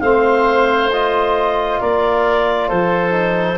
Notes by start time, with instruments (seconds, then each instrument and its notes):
0.00 tuba A3, trombone C4, oboe C5, clarinet F5
0.92 trombone F4, clarinet D#5
1.80 tuba A#3, oboe A#4, clarinet D5
2.68 tuba F3, oboe A4, clarinet C5
3.11 trombone D#4